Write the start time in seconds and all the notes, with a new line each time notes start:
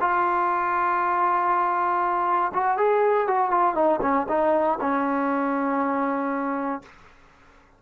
0.00 F4
2.54 F#4
2.77 G#4
3.27 F#4
3.50 F4
3.74 D#4
4.01 C#4
4.28 D#4
4.80 C#4